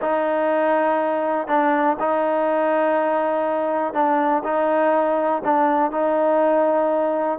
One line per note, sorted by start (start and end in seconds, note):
0.01 1.47 D#4
1.47 1.96 D4
1.99 3.93 D#4
3.93 4.42 D4
4.44 5.42 D#4
5.44 5.91 D4
5.91 7.39 D#4